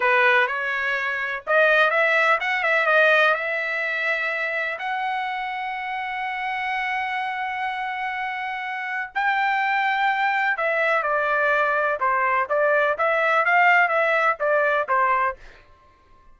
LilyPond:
\new Staff \with { instrumentName = "trumpet" } { \time 4/4 \tempo 4 = 125 b'4 cis''2 dis''4 | e''4 fis''8 e''8 dis''4 e''4~ | e''2 fis''2~ | fis''1~ |
fis''2. g''4~ | g''2 e''4 d''4~ | d''4 c''4 d''4 e''4 | f''4 e''4 d''4 c''4 | }